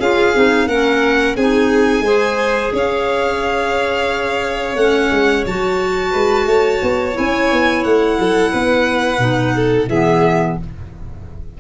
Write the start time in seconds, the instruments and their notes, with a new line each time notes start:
0.00 tuba C#4, clarinet F4, violin G#4 F5
0.35 tuba C4, clarinet D#4
0.67 tuba A#3, clarinet C#4, violin A#4 F#5
1.36 tuba C4, clarinet D#4, violin G#4 G#5
2.01 tuba G#3, clarinet G#4, violin C5
2.73 tuba C#4, violin C#5 F5
4.76 tuba A3, clarinet C#4, violin F#5
5.11 tuba G#3
5.46 tuba F#3, clarinet F#4, violin A5
6.12 tuba G#3, violin B4
6.46 tuba A3, violin C#5
6.82 tuba B3
7.13 tuba C#4, clarinet E4, violin G#5
7.52 tuba B3
7.84 tuba A3, violin F#5
8.19 tuba F#3, violin A4
8.52 tuba B3, violin B4
9.19 tuba B2, clarinet D#4
9.56 violin A4
9.89 tuba E3, clarinet B3, violin G#4 E5